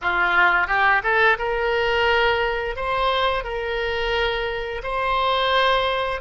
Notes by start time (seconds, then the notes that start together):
0.01 F4
0.67 G4
1.03 A4
1.38 A#4
2.76 C5
3.44 A#4
4.83 C5